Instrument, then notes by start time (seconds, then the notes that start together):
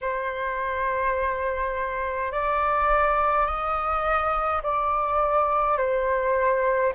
flute
0.01 C5
2.31 D5
3.46 D#5
4.63 D5
5.77 C5